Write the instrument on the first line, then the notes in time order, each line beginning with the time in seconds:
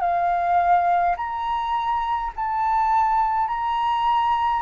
flute
0.00 F5
1.16 A#5
2.35 A5
3.48 A#5